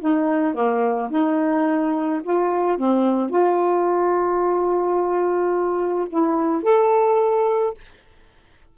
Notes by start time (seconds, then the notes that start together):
0.00 D#4
0.54 A#3
1.10 D#4
2.23 F4
2.78 C4
3.30 F4
6.09 E4
6.62 A4